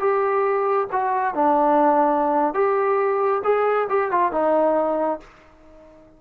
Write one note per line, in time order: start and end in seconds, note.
0.00 0.88 G4
0.92 1.35 F#4
1.35 2.54 D4
2.54 3.43 G4
3.44 3.88 G#4
3.89 4.11 G4
4.11 4.32 F4
4.32 5.21 D#4